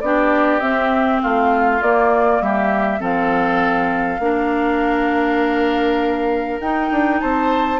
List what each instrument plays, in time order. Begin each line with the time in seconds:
0.00 bassoon B3, clarinet D4, oboe G4, flute D5
0.59 bassoon C4, clarinet C4, flute E5
1.22 bassoon A3, oboe F4, flute F5
1.81 bassoon A#3, clarinet A#3, flute D5
2.41 bassoon G3, oboe G4, flute E5
2.99 bassoon F3, clarinet C4, oboe A4, flute F5
4.19 bassoon A#3, clarinet D4, oboe A#4
6.59 bassoon D#4, clarinet D#4, flute G5
6.91 bassoon D4
7.20 bassoon C4, oboe C5, flute A5